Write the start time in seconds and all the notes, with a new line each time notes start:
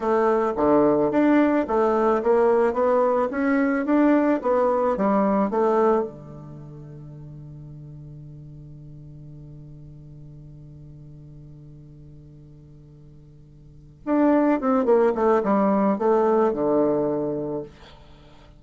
0.00 A3
0.56 D3
1.11 D4
1.67 A3
2.22 A#3
2.73 B3
3.30 C#4
3.85 D4
4.42 B3
4.96 G3
5.50 A3
6.04 D3
14.05 D4
14.60 C4
14.85 A#3
15.14 A3
15.43 G3
15.98 A3
16.52 D3